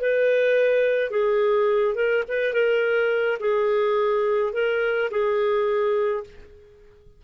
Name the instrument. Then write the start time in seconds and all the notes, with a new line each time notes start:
clarinet
0.00 B4
1.10 G#4
1.95 A#4
2.28 B4
2.53 A#4
3.39 G#4
4.53 A#4
5.10 G#4